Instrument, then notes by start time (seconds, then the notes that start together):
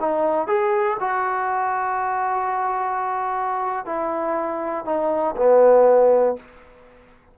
trombone
0.00 D#4
0.47 G#4
1.00 F#4
3.86 E4
4.85 D#4
5.36 B3